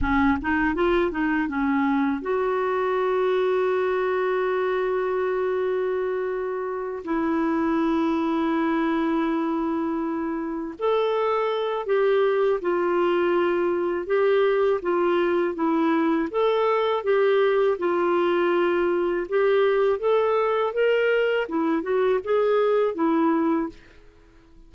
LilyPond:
\new Staff \with { instrumentName = "clarinet" } { \time 4/4 \tempo 4 = 81 cis'8 dis'8 f'8 dis'8 cis'4 fis'4~ | fis'1~ | fis'4. e'2~ e'8~ | e'2~ e'8 a'4. |
g'4 f'2 g'4 | f'4 e'4 a'4 g'4 | f'2 g'4 a'4 | ais'4 e'8 fis'8 gis'4 e'4 | }